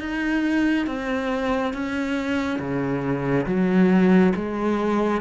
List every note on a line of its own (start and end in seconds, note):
0.00 0.87 D#4
0.87 1.74 C4
1.74 2.59 C#4
2.59 3.46 C#3
3.47 4.34 F#3
4.36 5.22 G#3